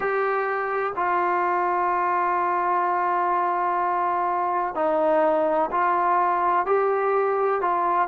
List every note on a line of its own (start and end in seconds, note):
0.00 0.93 G4
0.95 4.74 F4
4.74 5.69 D#4
5.71 6.65 F4
6.65 7.61 G4
7.61 8.08 F4